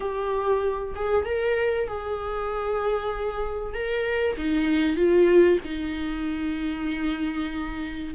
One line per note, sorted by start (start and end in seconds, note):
0.00 0.94 G4
0.95 1.25 G#4
1.25 1.88 A#4
1.88 3.74 G#4
3.74 4.36 A#4
4.37 4.96 D#4
4.96 5.59 F4
5.64 8.14 D#4